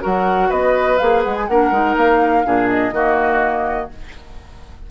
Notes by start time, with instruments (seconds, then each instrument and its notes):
0.00 bassoon F#3, clarinet F#4, oboe A#4, flute F#5
0.49 bassoon B3, oboe B4, flute D#5
0.98 bassoon A#3, clarinet G#4, flute F5
1.23 bassoon G#3, flute F#5
1.36 flute G#5
1.47 bassoon A#3, clarinet D4, oboe A#4, flute F#5
1.71 bassoon G#3, clarinet D#4
1.96 bassoon A#3, flute F5
2.44 bassoon A#2, clarinet D4, oboe G#4
2.69 flute D#5
2.92 bassoon D#3, clarinet A#3, oboe F#4